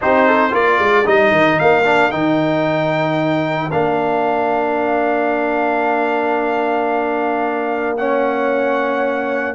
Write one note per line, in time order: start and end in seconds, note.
0.01 0.53 C4
0.01 0.51 D#4
0.01 0.26 G4
0.01 0.54 C5
0.26 0.52 A4
0.51 0.79 A#3
0.51 1.04 F4
0.51 7.95 A#4
0.51 1.07 D5
0.79 1.05 G#3
1.05 1.31 G3
1.05 1.84 D#4
1.05 1.59 D#5
1.31 1.57 D#3
1.59 2.12 A#3
1.59 2.11 F5
1.84 2.11 D4
2.11 3.72 D#3
2.11 3.70 D#4
2.11 3.70 G5
3.71 9.55 A#3
3.71 7.97 D4
3.71 7.96 F5
7.97 9.55 C#4
7.97 9.55 C#5
7.97 9.55 F#5